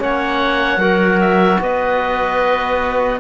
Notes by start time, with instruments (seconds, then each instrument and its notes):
0.00 cello A#3, trombone C#4, clarinet C#5, oboe F#5
0.78 cello F#3, trombone F#4, clarinet A#4
1.21 oboe E5
1.61 cello B3, clarinet B4, oboe D#5